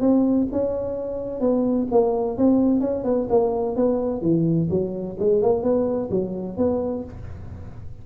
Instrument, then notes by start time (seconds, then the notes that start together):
tuba
0.00 C4
0.52 C#4
1.40 B3
1.91 A#3
2.37 C4
2.80 C#4
3.04 B3
3.29 A#3
3.76 B3
4.21 E3
4.70 F#3
5.19 G#3
5.41 A#3
5.62 B3
6.10 F#3
6.57 B3